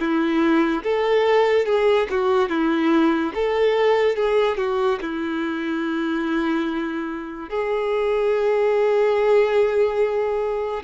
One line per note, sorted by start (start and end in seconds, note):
0.00 0.83 E4
0.84 1.66 A4
1.66 2.08 G#4
2.11 2.50 F#4
2.50 3.33 E4
3.35 4.16 A4
4.16 4.58 G#4
4.58 4.99 F#4
5.02 7.50 E4
7.50 10.83 G#4